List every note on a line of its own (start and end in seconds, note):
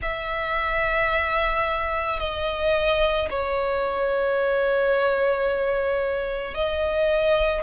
0.01 2.19 E5
2.19 3.28 D#5
3.30 6.54 C#5
6.54 7.63 D#5